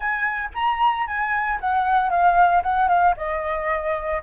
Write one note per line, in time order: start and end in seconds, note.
0.00 0.49 G#5
0.54 1.06 A#5
1.06 1.59 G#5
1.60 2.09 F#5
2.09 2.62 F5
2.62 2.88 F#5
2.88 3.14 F5
3.17 4.22 D#5